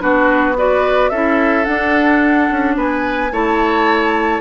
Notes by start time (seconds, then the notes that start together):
0.00 B3 D4 F#4 B4
0.57 F#4 B4 D5
1.10 C#4 E4 A4 E5
1.65 D4 F#5
2.51 C#4
2.77 B3 B4 G#5
3.32 A3 E4 C#5 A5